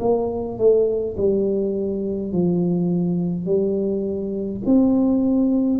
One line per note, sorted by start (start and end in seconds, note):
0.00 0.58 A#3
0.58 1.15 A3
1.17 2.32 G3
2.32 3.45 F3
3.45 4.60 G3
4.65 5.79 C4